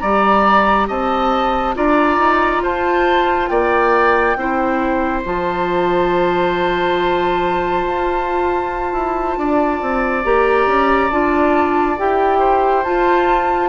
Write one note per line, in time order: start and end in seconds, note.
0.00 0.89 G3
0.00 1.76 G4
0.00 0.88 D5
0.00 0.87 A#5
0.88 1.76 C4
0.88 1.75 D#5
0.88 1.76 A5
1.76 2.19 D4
1.76 4.37 F4
1.76 2.63 D5
1.76 2.64 A#5
2.19 2.62 D#4
2.62 3.49 F4
2.62 3.50 C5
2.62 3.48 A5
3.48 4.36 A#3
3.48 4.37 D5
3.48 5.22 G5
4.36 5.23 C4
4.36 5.24 E4
4.36 9.39 C5
5.24 7.85 F3
5.24 10.24 F4
5.24 10.25 A5
7.85 8.93 F4
8.93 9.37 E4
9.37 9.81 D4
9.37 12.39 D5
9.82 10.25 C4
10.24 10.67 A#3
10.24 11.11 G4
10.24 11.11 A#5
10.67 11.10 C#4
11.11 11.99 D4
11.11 11.98 F4
11.11 11.98 A5
11.98 12.85 E4
11.98 12.85 G4
11.98 12.84 G5
12.39 13.70 C5
12.84 13.70 F4
12.84 13.70 A5